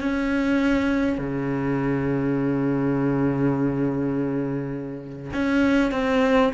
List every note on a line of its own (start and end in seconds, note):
0.00 1.18 C#4
1.18 5.31 C#3
5.33 5.91 C#4
5.91 6.53 C4